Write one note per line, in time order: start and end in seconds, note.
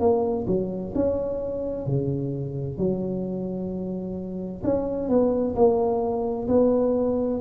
0.00 0.46 A#3
0.47 0.94 F#3
0.95 1.87 C#4
1.87 2.78 C#3
2.78 4.63 F#3
4.64 5.09 C#4
5.09 5.55 B3
5.56 6.48 A#3
6.48 7.41 B3